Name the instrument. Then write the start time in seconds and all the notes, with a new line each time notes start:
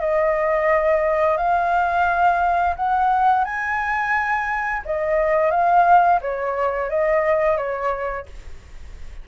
flute
0.00 D#5
1.38 F5
2.76 F#5
3.45 G#5
4.85 D#5
5.51 F5
6.22 C#5
6.90 D#5
7.57 C#5